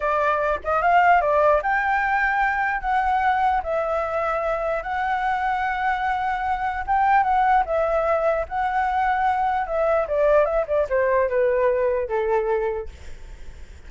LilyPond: \new Staff \with { instrumentName = "flute" } { \time 4/4 \tempo 4 = 149 d''4. dis''8 f''4 d''4 | g''2. fis''4~ | fis''4 e''2. | fis''1~ |
fis''4 g''4 fis''4 e''4~ | e''4 fis''2. | e''4 d''4 e''8 d''8 c''4 | b'2 a'2 | }